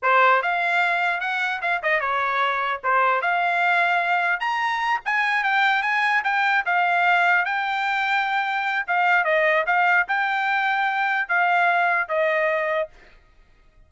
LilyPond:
\new Staff \with { instrumentName = "trumpet" } { \time 4/4 \tempo 4 = 149 c''4 f''2 fis''4 | f''8 dis''8 cis''2 c''4 | f''2. ais''4~ | ais''8 gis''4 g''4 gis''4 g''8~ |
g''8 f''2 g''4.~ | g''2 f''4 dis''4 | f''4 g''2. | f''2 dis''2 | }